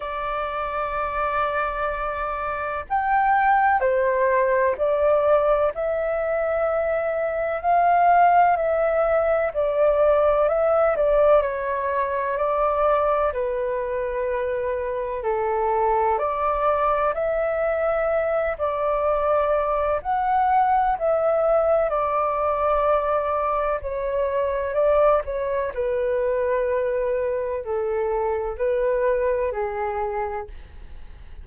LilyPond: \new Staff \with { instrumentName = "flute" } { \time 4/4 \tempo 4 = 63 d''2. g''4 | c''4 d''4 e''2 | f''4 e''4 d''4 e''8 d''8 | cis''4 d''4 b'2 |
a'4 d''4 e''4. d''8~ | d''4 fis''4 e''4 d''4~ | d''4 cis''4 d''8 cis''8 b'4~ | b'4 a'4 b'4 gis'4 | }